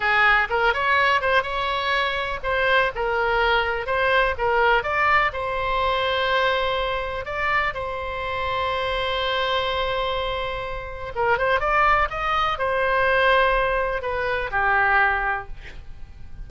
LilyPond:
\new Staff \with { instrumentName = "oboe" } { \time 4/4 \tempo 4 = 124 gis'4 ais'8 cis''4 c''8 cis''4~ | cis''4 c''4 ais'2 | c''4 ais'4 d''4 c''4~ | c''2. d''4 |
c''1~ | c''2. ais'8 c''8 | d''4 dis''4 c''2~ | c''4 b'4 g'2 | }